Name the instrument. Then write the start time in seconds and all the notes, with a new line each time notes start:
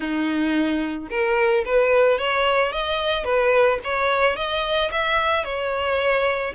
violin
0.00 D#4
1.09 A#4
1.65 B4
2.18 C#5
2.71 D#5
3.24 B4
3.83 C#5
4.36 D#5
4.91 E5
5.44 C#5